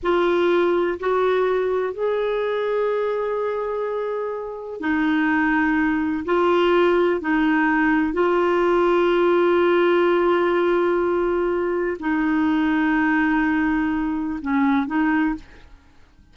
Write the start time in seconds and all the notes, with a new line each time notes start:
0.02 F4
0.99 F#4
1.93 G#4
4.80 D#4
6.25 F4
7.20 D#4
8.13 F4
11.99 D#4
14.41 C#4
14.86 D#4